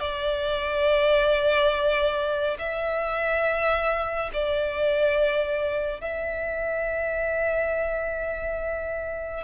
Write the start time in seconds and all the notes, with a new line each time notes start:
0.00 D5
2.59 E5
4.33 D5
6.01 E5